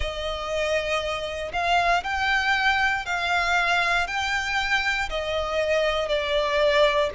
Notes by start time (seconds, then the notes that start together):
0.00 D#5
1.53 F5
2.03 G5
3.05 F5
4.07 G5
5.09 D#5
6.08 D5